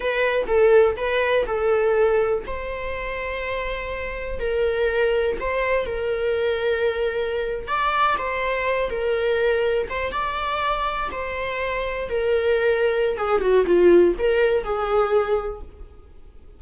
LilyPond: \new Staff \with { instrumentName = "viola" } { \time 4/4 \tempo 4 = 123 b'4 a'4 b'4 a'4~ | a'4 c''2.~ | c''4 ais'2 c''4 | ais'2.~ ais'8. d''16~ |
d''8. c''4. ais'4.~ ais'16~ | ais'16 c''8 d''2 c''4~ c''16~ | c''8. ais'2~ ais'16 gis'8 fis'8 | f'4 ais'4 gis'2 | }